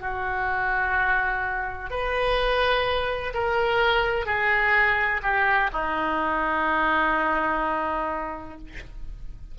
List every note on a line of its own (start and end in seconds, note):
0.00 1.90 F#4
1.90 3.33 B4
3.34 4.26 A#4
4.26 5.21 G#4
5.23 5.71 G4
5.73 8.58 D#4